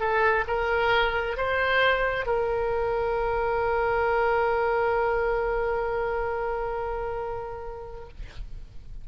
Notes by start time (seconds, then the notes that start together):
0.00 A4
0.48 A#4
1.37 C5
2.26 A#4